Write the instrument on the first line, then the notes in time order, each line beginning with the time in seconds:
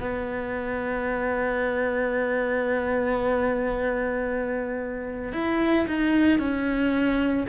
cello
0.00 B3
5.32 E4
5.87 D#4
6.39 C#4